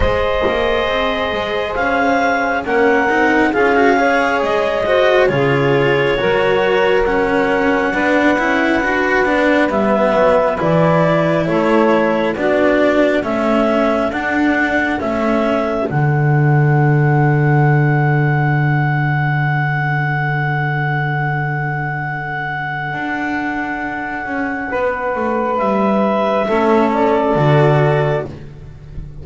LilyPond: <<
  \new Staff \with { instrumentName = "clarinet" } { \time 4/4 \tempo 4 = 68 dis''2 f''4 fis''4 | f''4 dis''4 cis''2 | fis''2. e''4 | d''4 cis''4 d''4 e''4 |
fis''4 e''4 fis''2~ | fis''1~ | fis''1~ | fis''4 e''4. d''4. | }
  \new Staff \with { instrumentName = "saxophone" } { \time 4/4 c''2. ais'4 | gis'8 cis''4 c''8 gis'4 ais'4~ | ais'4 b'2.~ | b'4 a'4 fis'4 a'4~ |
a'1~ | a'1~ | a'1 | b'2 a'2 | }
  \new Staff \with { instrumentName = "cello" } { \time 4/4 gis'2. cis'8 dis'8 | f'16 fis'16 gis'4 fis'8 f'4 fis'4 | cis'4 d'8 e'8 fis'8 d'8 b4 | e'2 d'4 cis'4 |
d'4 cis'4 d'2~ | d'1~ | d'1~ | d'2 cis'4 fis'4 | }
  \new Staff \with { instrumentName = "double bass" } { \time 4/4 gis8 ais8 c'8 gis8 cis'4 ais8 c'8 | cis'4 gis4 cis4 fis4~ | fis4 b8 cis'8 d'8 b8 g8 fis8 | e4 a4 b4 a4 |
d'4 a4 d2~ | d1~ | d2 d'4. cis'8 | b8 a8 g4 a4 d4 | }
>>